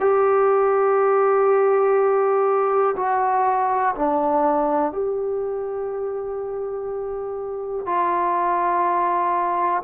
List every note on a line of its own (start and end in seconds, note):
0.00 2.95 G4
2.96 3.94 F#4
3.96 4.92 D4
4.92 7.86 G4
7.86 9.83 F4